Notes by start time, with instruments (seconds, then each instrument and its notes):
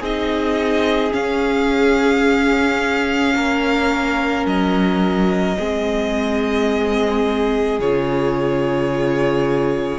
0.00 cello C4, viola D#4, violin G#4 D#5
1.11 viola C#4, cello C#4, violin F5
3.35 cello A#3, violin A#4
4.45 cello F#3, violin D#5
5.58 cello G#3, viola C4, violin G#4
7.79 cello C#3, viola F4, violin C#5